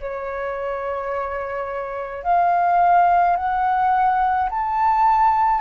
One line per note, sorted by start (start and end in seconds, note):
0.00 2.23 C#5
2.23 3.37 F5
3.37 4.50 F#5
4.50 5.61 A5